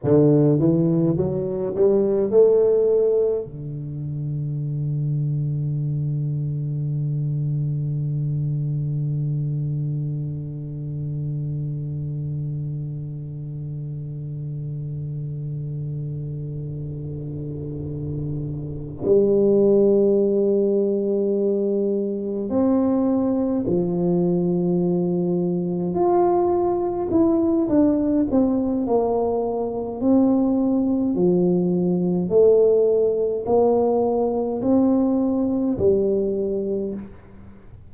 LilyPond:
\new Staff \with { instrumentName = "tuba" } { \time 4/4 \tempo 4 = 52 d8 e8 fis8 g8 a4 d4~ | d1~ | d1~ | d1~ |
d8 g2. c'8~ | c'8 f2 f'4 e'8 | d'8 c'8 ais4 c'4 f4 | a4 ais4 c'4 g4 | }